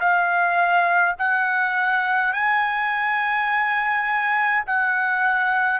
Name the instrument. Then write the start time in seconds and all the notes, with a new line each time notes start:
trumpet
0.00 F5
1.19 F#5
2.33 G#5
4.67 F#5